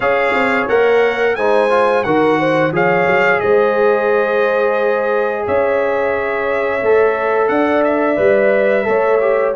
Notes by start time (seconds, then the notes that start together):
0.00 C#4 G#4 C#5 F5
0.34 C4
0.68 A#3 A#4 F#5
1.35 G#3 D#4 C5 G#5
1.70 F4
2.03 D#3 F#4 A#4 F#5
2.38 C5
2.71 F3 G#4 C#5 F5
3.07 F#3
3.40 G#3 C5 D#5
5.45 C#4 C#5 E5
6.82 A3 A4
7.48 D4 D5 F#5
7.84 E5
8.16 G3 B4
8.84 A3 A4 C#5
9.20 G4